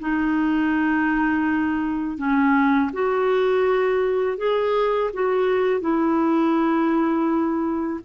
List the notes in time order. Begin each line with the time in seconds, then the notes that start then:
0.00 D#4
2.18 C#4
2.93 F#4
4.38 G#4
5.14 F#4
5.81 E4